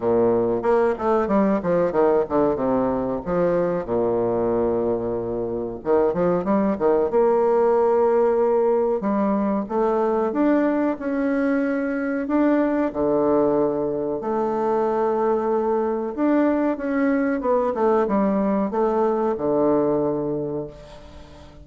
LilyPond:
\new Staff \with { instrumentName = "bassoon" } { \time 4/4 \tempo 4 = 93 ais,4 ais8 a8 g8 f8 dis8 d8 | c4 f4 ais,2~ | ais,4 dis8 f8 g8 dis8 ais4~ | ais2 g4 a4 |
d'4 cis'2 d'4 | d2 a2~ | a4 d'4 cis'4 b8 a8 | g4 a4 d2 | }